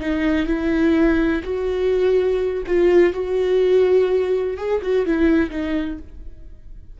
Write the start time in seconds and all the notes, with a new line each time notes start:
0.00 D#4
0.46 E4
1.43 F#4
2.66 F4
3.13 F#4
4.57 G#4
4.82 F#4
5.06 E4
5.50 D#4